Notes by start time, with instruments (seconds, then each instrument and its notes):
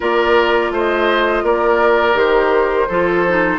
0.00 bassoon A#3, clarinet F4, oboe A#4, flute D5
0.70 bassoon A3, oboe C5, flute D#5
1.43 bassoon A#3, oboe A#4, flute D5
2.14 bassoon D#3, clarinet G4, flute C5
2.88 bassoon F3, clarinet F4, oboe A4
3.28 clarinet D#4